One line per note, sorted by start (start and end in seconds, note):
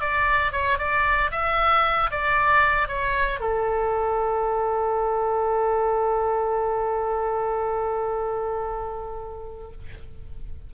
0.00 0.52 D5
0.52 0.78 C#5
0.78 1.31 D5
1.31 2.10 E5
2.11 2.88 D5
2.88 3.40 C#5
3.40 9.71 A4